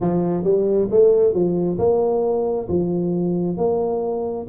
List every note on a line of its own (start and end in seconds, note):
0.00 0.44 F3
0.44 0.88 G3
0.90 1.33 A3
1.33 1.78 F3
1.78 2.68 A#3
2.68 3.57 F3
3.57 4.47 A#3